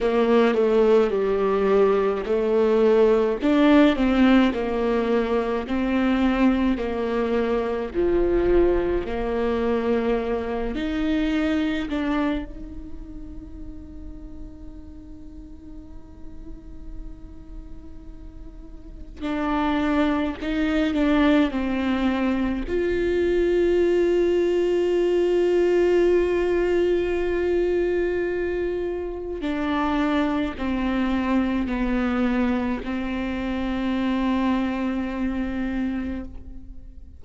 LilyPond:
\new Staff \with { instrumentName = "viola" } { \time 4/4 \tempo 4 = 53 ais8 a8 g4 a4 d'8 c'8 | ais4 c'4 ais4 f4 | ais4. dis'4 d'8 dis'4~ | dis'1~ |
dis'4 d'4 dis'8 d'8 c'4 | f'1~ | f'2 d'4 c'4 | b4 c'2. | }